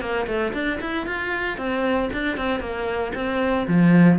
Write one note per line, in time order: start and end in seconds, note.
0.00 0.26 A#3
0.27 0.53 A3
0.53 0.79 D4
0.80 1.06 E4
1.06 1.57 F4
1.57 2.09 C4
2.12 2.37 D4
2.37 2.60 C4
2.60 3.12 A#3
3.14 3.66 C4
3.67 4.19 F3